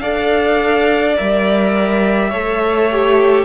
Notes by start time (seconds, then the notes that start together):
0.00 D4 A4 D5 F5
1.16 G3 A#4 E5
2.30 A3 A4 C#5
2.91 G4